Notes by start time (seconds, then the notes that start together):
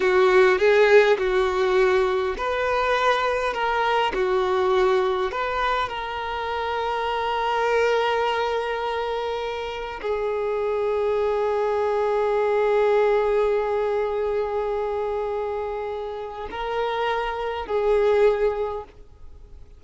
0.00 F#4
0.58 G#4
1.17 F#4
2.37 B4
3.53 A#4
4.14 F#4
5.31 B4
5.88 A#4
10.01 G#4
16.50 A#4
17.66 G#4